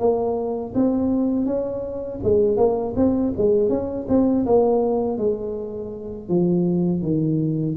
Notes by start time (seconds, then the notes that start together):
0.00 A#3
0.75 C4
1.46 C#4
2.24 G#3
2.58 A#3
2.97 C4
3.38 G#3
3.70 C#4
4.09 C4
4.46 A#3
5.18 G#3
6.29 F3
7.02 D#3